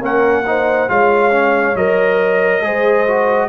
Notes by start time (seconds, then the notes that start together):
0.00 A#3 C#4 A#4 F#5
0.46 D#4 C5
0.88 G#3 F4 C#5 F5
1.31 C#4
1.74 F#3 A#4 D#5
2.61 G#3 G#4 C5
3.07 F#4